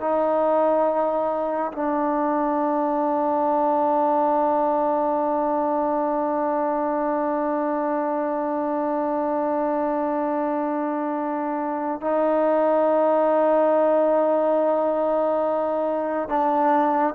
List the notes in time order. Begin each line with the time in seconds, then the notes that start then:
0.00 D#4
1.72 D4
12.01 D#4
16.28 D4